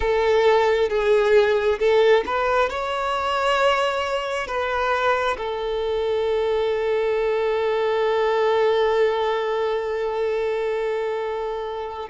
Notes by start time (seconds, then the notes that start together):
0.00 A4
0.89 G#4
1.79 A4
2.26 B4
2.69 C#5
4.47 B4
5.37 A4